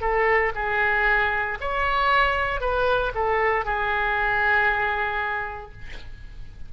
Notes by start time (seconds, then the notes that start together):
0.00 A4
0.55 G#4
1.60 C#5
2.60 B4
3.14 A4
3.64 G#4